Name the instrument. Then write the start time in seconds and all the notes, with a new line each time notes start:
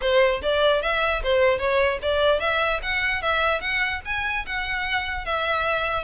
violin
0.01 C5
0.42 D5
0.82 E5
1.23 C5
1.58 C#5
2.02 D5
2.40 E5
2.82 F#5
3.22 E5
3.60 F#5
4.05 G#5
4.46 F#5
5.25 E5